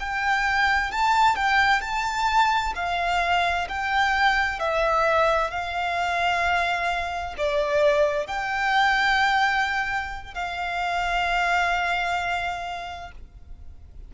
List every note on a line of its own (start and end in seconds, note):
0.00 0.91 G5
0.91 1.36 A5
1.36 1.81 G5
1.81 2.73 A5
2.76 3.68 F5
3.68 4.59 G5
4.59 5.50 E5
5.50 7.35 F5
7.38 8.27 D5
8.27 10.34 G5
10.34 13.11 F5